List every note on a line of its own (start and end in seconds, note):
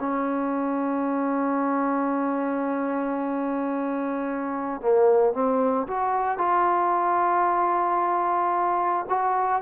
0.00 4.82 C#4
4.82 5.34 A#3
5.34 5.87 C4
5.88 6.38 F#4
6.38 9.06 F4
9.10 9.62 F#4